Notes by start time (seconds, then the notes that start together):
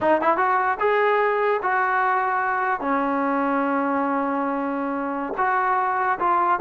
0.00 D#4
0.21 E4
0.37 F#4
0.79 G#4
1.62 F#4
2.80 C#4
5.37 F#4
6.19 F4